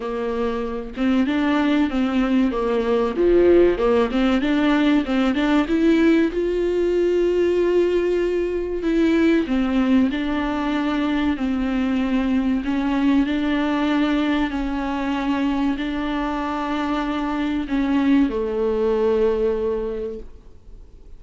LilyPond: \new Staff \with { instrumentName = "viola" } { \time 4/4 \tempo 4 = 95 ais4. c'8 d'4 c'4 | ais4 f4 ais8 c'8 d'4 | c'8 d'8 e'4 f'2~ | f'2 e'4 c'4 |
d'2 c'2 | cis'4 d'2 cis'4~ | cis'4 d'2. | cis'4 a2. | }